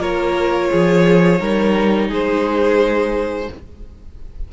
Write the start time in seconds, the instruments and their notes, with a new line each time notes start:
0.00 cello A#3, viola F4, violin A#4 C#5
0.72 cello F3, violin G#4
1.39 cello G3, viola D#4, violin A#4
2.09 cello G#3, violin G#4 C5